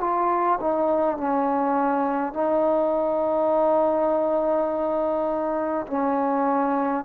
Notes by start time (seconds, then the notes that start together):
0.00 F4
0.60 D#4
1.17 C#4
2.33 D#4
5.87 C#4